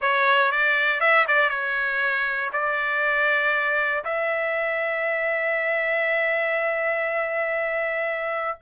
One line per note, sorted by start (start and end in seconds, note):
0.01 0.51 C#5
0.51 1.00 D5
1.00 1.25 E5
1.27 1.49 D5
1.49 2.50 C#5
2.52 4.04 D5
4.04 8.58 E5